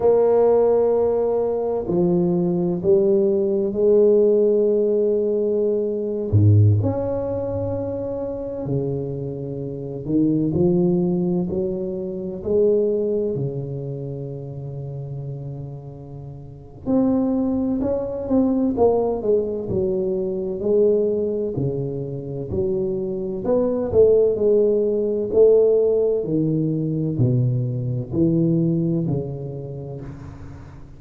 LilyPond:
\new Staff \with { instrumentName = "tuba" } { \time 4/4 \tempo 4 = 64 ais2 f4 g4 | gis2~ gis8. gis,8 cis'8.~ | cis'4~ cis'16 cis4. dis8 f8.~ | f16 fis4 gis4 cis4.~ cis16~ |
cis2 c'4 cis'8 c'8 | ais8 gis8 fis4 gis4 cis4 | fis4 b8 a8 gis4 a4 | dis4 b,4 e4 cis4 | }